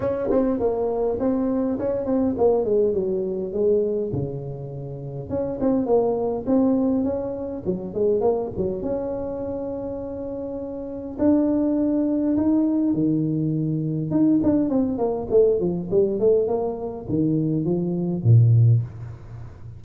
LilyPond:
\new Staff \with { instrumentName = "tuba" } { \time 4/4 \tempo 4 = 102 cis'8 c'8 ais4 c'4 cis'8 c'8 | ais8 gis8 fis4 gis4 cis4~ | cis4 cis'8 c'8 ais4 c'4 | cis'4 fis8 gis8 ais8 fis8 cis'4~ |
cis'2. d'4~ | d'4 dis'4 dis2 | dis'8 d'8 c'8 ais8 a8 f8 g8 a8 | ais4 dis4 f4 ais,4 | }